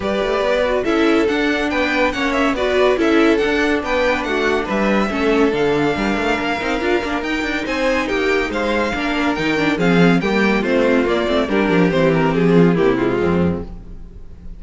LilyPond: <<
  \new Staff \with { instrumentName = "violin" } { \time 4/4 \tempo 4 = 141 d''2 e''4 fis''4 | g''4 fis''8 e''8 d''4 e''4 | fis''4 g''4 fis''4 e''4~ | e''4 f''2.~ |
f''4 g''4 gis''4 g''4 | f''2 g''4 f''4 | g''4 c''4 d''4 ais'4 | c''8 ais'8 gis'4 g'8 f'4. | }
  \new Staff \with { instrumentName = "violin" } { \time 4/4 b'2 a'2 | b'4 cis''4 b'4 a'4~ | a'4 b'4 fis'4 b'4 | a'2 ais'2~ |
ais'2 c''4 g'4 | c''4 ais'2 gis'4 | g'4 f'2 g'4~ | g'4. f'8 e'4 c'4 | }
  \new Staff \with { instrumentName = "viola" } { \time 4/4 g'4. fis'8 e'4 d'4~ | d'4 cis'4 fis'4 e'4 | d'1 | cis'4 d'2~ d'8 dis'8 |
f'8 d'8 dis'2.~ | dis'4 d'4 dis'8 d'8 c'4 | ais4 c'4 ais8 c'8 d'4 | c'2 ais8 gis4. | }
  \new Staff \with { instrumentName = "cello" } { \time 4/4 g8 a8 b4 cis'4 d'4 | b4 ais4 b4 cis'4 | d'4 b4 a4 g4 | a4 d4 g8 a8 ais8 c'8 |
d'8 ais8 dis'8 d'8 c'4 ais4 | gis4 ais4 dis4 f4 | g4 a4 ais8 a8 g8 f8 | e4 f4 c4 f,4 | }
>>